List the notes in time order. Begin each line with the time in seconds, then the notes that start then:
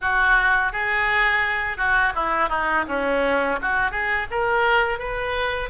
0.01 F#4
0.72 G#4
1.77 F#4
2.15 E4
2.49 D#4
2.88 C#4
3.61 F#4
3.91 G#4
4.31 A#4
4.98 B4